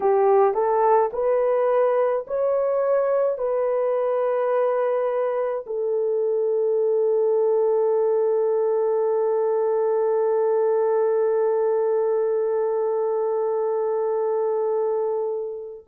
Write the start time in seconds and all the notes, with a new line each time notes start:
0.00 G4
0.54 A4
1.12 B4
2.26 C#5
3.38 B4
5.66 A4